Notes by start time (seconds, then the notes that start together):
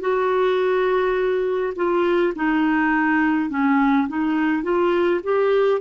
0.00 F#4
1.75 F4
2.35 D#4
3.50 C#4
4.08 D#4
4.63 F4
5.23 G4